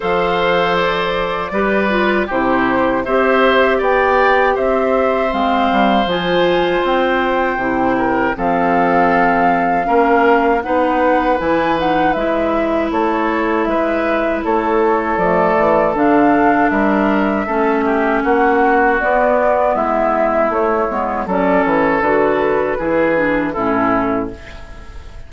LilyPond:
<<
  \new Staff \with { instrumentName = "flute" } { \time 4/4 \tempo 4 = 79 f''4 d''2 c''4 | e''4 g''4 e''4 f''4 | gis''4 g''2 f''4~ | f''2 fis''4 gis''8 fis''8 |
e''4 cis''4 e''4 cis''4 | d''4 f''4 e''2 | fis''4 d''4 e''4 cis''4 | d''8 cis''8 b'2 a'4 | }
  \new Staff \with { instrumentName = "oboe" } { \time 4/4 c''2 b'4 g'4 | c''4 d''4 c''2~ | c''2~ c''8 ais'8 a'4~ | a'4 ais'4 b'2~ |
b'4 a'4 b'4 a'4~ | a'2 ais'4 a'8 g'8 | fis'2 e'2 | a'2 gis'4 e'4 | }
  \new Staff \with { instrumentName = "clarinet" } { \time 4/4 a'2 g'8 f'8 e'4 | g'2. c'4 | f'2 e'4 c'4~ | c'4 cis'4 dis'4 e'8 dis'8 |
e'1 | a4 d'2 cis'4~ | cis'4 b2 a8 b8 | cis'4 fis'4 e'8 d'8 cis'4 | }
  \new Staff \with { instrumentName = "bassoon" } { \time 4/4 f2 g4 c4 | c'4 b4 c'4 gis8 g8 | f4 c'4 c4 f4~ | f4 ais4 b4 e4 |
gis4 a4 gis4 a4 | f8 e8 d4 g4 a4 | ais4 b4 gis4 a8 gis8 | fis8 e8 d4 e4 a,4 | }
>>